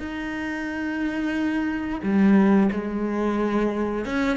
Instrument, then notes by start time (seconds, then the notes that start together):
cello
0.00 D#4
2.04 G3
2.72 G#3
4.05 C#4